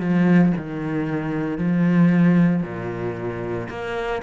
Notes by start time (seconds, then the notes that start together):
0.00 F3
0.57 D#3
1.58 F3
2.63 A#2
3.69 A#3